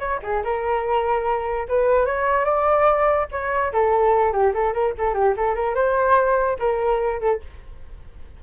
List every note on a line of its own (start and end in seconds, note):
0.00 0.21 C#5
0.23 0.44 G#4
0.44 1.68 A#4
1.69 2.06 B4
2.06 2.45 C#5
2.45 3.27 D5
3.32 3.73 C#5
3.73 4.33 A4
4.33 4.53 G4
4.55 4.74 A4
4.74 4.94 A#4
4.99 5.15 A4
5.15 5.35 G4
5.37 5.55 A4
5.55 5.76 A#4
5.76 6.58 C5
6.60 7.21 A#4
7.21 7.41 A4